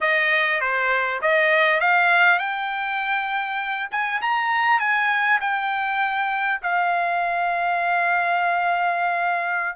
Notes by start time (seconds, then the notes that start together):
0.00 D#5
0.60 C5
1.21 D#5
1.80 F5
2.38 G5
3.91 G#5
4.21 A#5
4.79 G#5
5.40 G5
6.62 F5